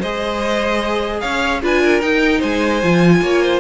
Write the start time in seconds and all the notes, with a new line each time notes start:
0.00 G#3 G#4 C5 D#5
1.21 C#4 C#5 F5
1.62 D4 F4 B4 G#5
1.82 A#4
2.01 D#4 G5
2.39 G#3 C5 G#5
2.83 F3 F4
3.22 A#3 C#5
3.43 C5